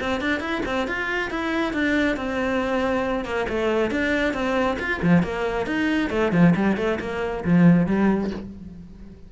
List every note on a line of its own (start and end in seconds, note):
0.00 0.21 C4
0.21 0.40 D4
0.40 0.62 E4
0.65 0.87 C4
0.87 1.30 F4
1.30 1.73 E4
1.73 2.16 D4
2.16 3.24 C4
3.24 3.46 A#3
3.49 3.91 A3
3.91 4.33 D4
4.33 4.77 C4
4.79 5.01 F4
5.02 5.23 F3
5.23 5.66 A#3
5.66 6.10 D#4
6.10 6.32 A3
6.32 6.54 F3
6.56 6.77 G3
6.77 6.99 A3
7.00 7.44 A#3
7.44 7.86 F3
7.86 8.30 G3